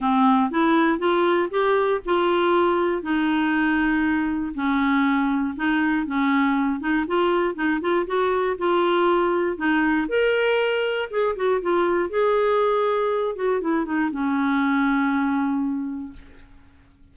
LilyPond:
\new Staff \with { instrumentName = "clarinet" } { \time 4/4 \tempo 4 = 119 c'4 e'4 f'4 g'4 | f'2 dis'2~ | dis'4 cis'2 dis'4 | cis'4. dis'8 f'4 dis'8 f'8 |
fis'4 f'2 dis'4 | ais'2 gis'8 fis'8 f'4 | gis'2~ gis'8 fis'8 e'8 dis'8 | cis'1 | }